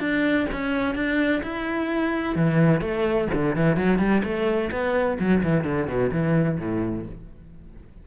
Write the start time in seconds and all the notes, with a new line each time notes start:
0.00 D4
0.52 C#4
0.95 D4
1.43 E4
2.35 E3
2.81 A3
3.34 D3
3.56 E3
3.76 F#3
3.99 G3
4.24 A3
4.71 B3
5.19 F#3
5.43 E3
5.64 D3
5.87 B2
6.12 E3
6.59 A2